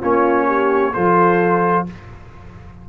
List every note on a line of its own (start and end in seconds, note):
0.00 0.95 A#3
0.00 0.93 C#4
0.00 0.46 F4
0.00 0.94 C#5
0.47 0.93 G4
0.94 1.89 F3
0.94 1.86 F4
0.94 1.86 A4
0.94 1.86 C5